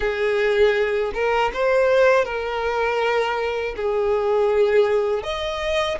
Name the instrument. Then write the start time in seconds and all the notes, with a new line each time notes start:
violin
0.00 G#4
1.14 A#4
1.53 C5
2.24 A#4
3.76 G#4
5.23 D#5